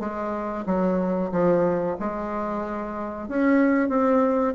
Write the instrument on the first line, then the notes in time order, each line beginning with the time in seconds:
bassoon
0.00 G#3
0.66 F#3
1.32 F3
2.00 G#3
3.29 C#4
3.90 C4